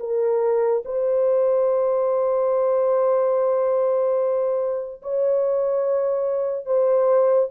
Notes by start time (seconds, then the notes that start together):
0.00 A#4
0.85 C5
5.03 C#5
6.66 C5